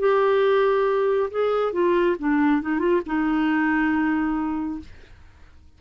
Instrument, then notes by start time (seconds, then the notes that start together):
clarinet
0.00 G4
1.31 G#4
1.73 F4
2.19 D4
2.62 D#4
2.79 F4
3.06 D#4